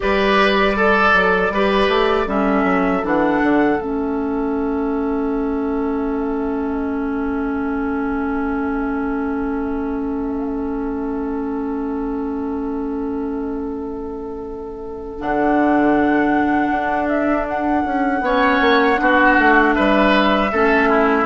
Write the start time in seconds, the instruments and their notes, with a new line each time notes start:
0.00 bassoon G3, clarinet G4, oboe B4, flute D5
0.76 clarinet A4, oboe A4
1.13 bassoon F#3
1.49 bassoon G3, clarinet G4, oboe B4
1.88 bassoon A3
2.26 bassoon G3, clarinet C#4, oboe A4, flute E5
2.64 bassoon F#3
3.02 bassoon E3, clarinet D4, flute F#5
3.42 bassoon D3
3.76 bassoon A3, clarinet C#4, flute E5
15.18 bassoon D3, clarinet D4, flute F#5
16.70 bassoon D4
17.08 flute E5
17.48 flute F#5
17.84 bassoon C#4
18.20 bassoon B3, clarinet C#4, oboe C#5
18.60 bassoon A#3
18.96 bassoon B3, clarinet D4, oboe F#4
19.37 bassoon A3
19.74 bassoon G3, oboe B4, flute E5
20.52 bassoon A3, clarinet C#4, oboe A4
20.89 oboe E4